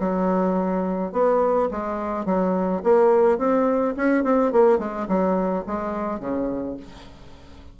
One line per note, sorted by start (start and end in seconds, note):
0.00 1.12 F#3
1.12 1.69 B3
1.71 2.25 G#3
2.25 2.82 F#3
2.83 3.38 A#3
3.38 3.95 C4
3.96 4.24 C#4
4.24 4.52 C4
4.52 4.79 A#3
4.79 5.07 G#3
5.08 5.65 F#3
5.67 6.20 G#3
6.20 6.76 C#3